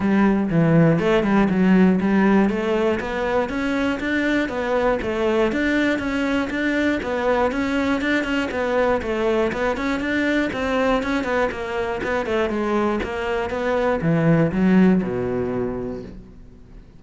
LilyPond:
\new Staff \with { instrumentName = "cello" } { \time 4/4 \tempo 4 = 120 g4 e4 a8 g8 fis4 | g4 a4 b4 cis'4 | d'4 b4 a4 d'4 | cis'4 d'4 b4 cis'4 |
d'8 cis'8 b4 a4 b8 cis'8 | d'4 c'4 cis'8 b8 ais4 | b8 a8 gis4 ais4 b4 | e4 fis4 b,2 | }